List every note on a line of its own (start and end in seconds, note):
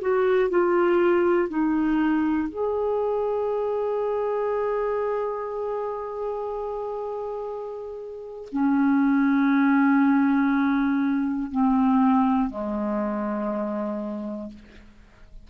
0.00 0.49 F#4
0.49 1.48 F4
1.48 2.48 D#4
2.49 8.49 G#4
8.51 11.51 C#4
11.51 12.50 C4
12.50 14.50 G#3